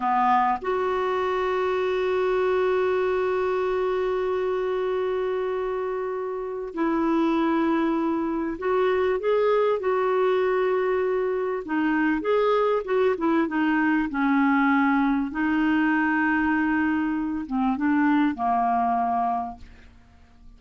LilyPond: \new Staff \with { instrumentName = "clarinet" } { \time 4/4 \tempo 4 = 98 b4 fis'2.~ | fis'1~ | fis'2. e'4~ | e'2 fis'4 gis'4 |
fis'2. dis'4 | gis'4 fis'8 e'8 dis'4 cis'4~ | cis'4 dis'2.~ | dis'8 c'8 d'4 ais2 | }